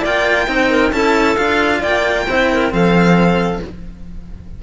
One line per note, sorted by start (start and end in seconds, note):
0.00 0.47 A#3
0.00 0.47 F4
0.00 0.45 D5
0.00 0.92 G5
0.47 0.91 C4
0.47 0.92 D#4
0.47 0.70 C5
0.70 0.92 A#4
0.91 1.36 C#4
0.91 1.36 E4
0.91 1.79 A4
0.91 1.36 A5
1.36 1.83 D4
1.36 2.25 F4
1.36 1.81 F5
1.79 2.26 A#3
1.79 2.24 D5
1.79 2.72 G5
2.26 2.71 C4
2.26 2.70 E4
2.26 2.51 C5
2.52 2.73 A#4
2.70 3.62 F3
2.70 3.59 C4
2.70 3.62 A4
2.70 3.62 F5